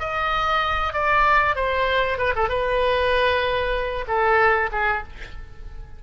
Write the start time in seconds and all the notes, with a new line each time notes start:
0.00 D#5
0.94 D5
1.56 C5
2.18 B4
2.36 A4
2.49 B4
4.08 A4
4.72 G#4